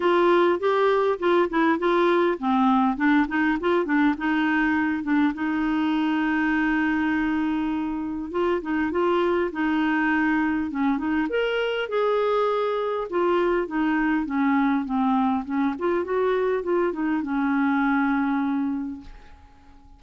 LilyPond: \new Staff \with { instrumentName = "clarinet" } { \time 4/4 \tempo 4 = 101 f'4 g'4 f'8 e'8 f'4 | c'4 d'8 dis'8 f'8 d'8 dis'4~ | dis'8 d'8 dis'2.~ | dis'2 f'8 dis'8 f'4 |
dis'2 cis'8 dis'8 ais'4 | gis'2 f'4 dis'4 | cis'4 c'4 cis'8 f'8 fis'4 | f'8 dis'8 cis'2. | }